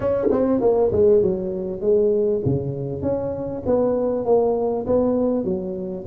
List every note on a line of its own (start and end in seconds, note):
0.00 0.27 C#4
0.31 0.60 C4
0.60 0.91 A#3
0.91 1.21 G#3
1.21 1.80 F#3
1.80 2.41 G#3
2.45 3.02 C#3
3.02 3.62 C#4
3.65 4.25 B3
4.25 4.86 A#3
4.86 5.44 B3
5.44 6.05 F#3